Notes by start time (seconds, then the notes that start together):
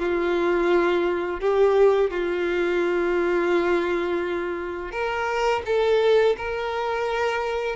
0.00 F4
1.41 G4
2.11 F4
4.92 A#4
5.66 A4
6.38 A#4